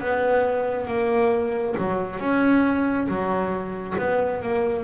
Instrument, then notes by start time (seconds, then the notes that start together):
double bass
0.00 B3
0.87 A#3
1.78 F#3
2.20 C#4
3.08 F#3
3.99 B3
4.43 A#3